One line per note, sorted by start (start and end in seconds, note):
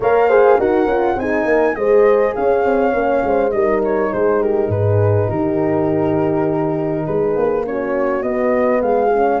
0.00 0.58 A#3
0.00 0.30 A#4
0.00 0.27 C#5
0.00 0.60 F5
0.27 0.58 G#4
0.27 0.57 C5
0.57 0.85 D#4
0.57 0.88 F#4
0.57 1.16 A#4
0.57 1.19 F#5
0.85 1.15 C#4
0.85 1.18 F4
1.15 1.44 C4
1.15 1.74 D#4
1.15 1.46 G#4
1.15 1.75 G#5
1.44 1.74 A#3
1.44 1.76 A#4
1.74 2.34 G#3
1.74 2.92 G#4
1.74 2.36 C5
1.74 2.33 D#5
2.34 2.64 C#4
2.34 3.25 C#5
2.34 3.50 F5
2.64 2.93 C4
2.92 3.22 A#3
2.92 3.51 C#4
3.23 3.52 G#3
3.23 3.55 C5
3.50 4.11 G3
3.50 7.64 D#4
3.50 4.12 A#4
3.50 3.80 D#5
3.83 4.13 C#5
4.12 4.68 G#3
4.12 4.40 G#4
4.12 4.42 C5
4.40 4.70 G4
4.40 4.71 A#4
4.68 5.27 G#2
4.68 5.29 G#4
4.68 5.29 B4
5.29 7.06 D#3
5.29 7.06 G4
5.29 7.06 A#4
7.06 7.35 G#3
7.06 7.66 G#4
7.06 7.65 B4
7.35 8.22 A#3
7.64 8.23 C#4
7.64 8.81 F#4
7.64 8.22 C#5
8.22 8.81 B3
8.22 9.12 B3
8.22 8.81 D#5
8.81 9.40 G#3
8.81 9.40 G#4
8.81 9.40 F5
9.13 9.40 C#4